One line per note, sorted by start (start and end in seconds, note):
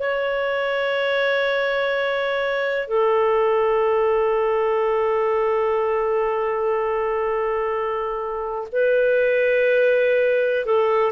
0.00 2.88 C#5
2.88 8.69 A4
8.73 10.66 B4
10.66 11.12 A4